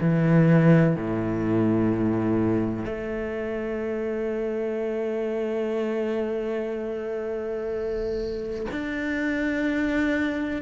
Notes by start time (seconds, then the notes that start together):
0.00 E3
0.96 A2
2.85 A3
8.71 D4